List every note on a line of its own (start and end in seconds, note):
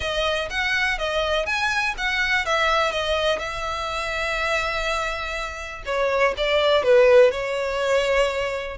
0.00 0.48 D#5
0.50 0.98 F#5
0.98 1.46 D#5
1.46 1.94 G#5
1.97 2.45 F#5
2.45 2.91 E5
2.91 3.39 D#5
3.39 5.82 E5
5.85 6.34 C#5
6.37 6.83 D5
6.83 7.31 B4
7.31 8.77 C#5